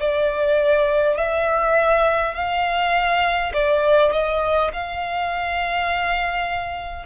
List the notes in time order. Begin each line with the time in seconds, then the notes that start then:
0.00 D5
1.18 E5
2.35 F5
3.53 D5
4.12 D#5
4.73 F5